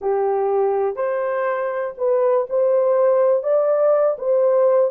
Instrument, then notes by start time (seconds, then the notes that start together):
horn
0.01 G4
0.96 C5
1.97 B4
2.49 C5
3.43 D5
4.18 C5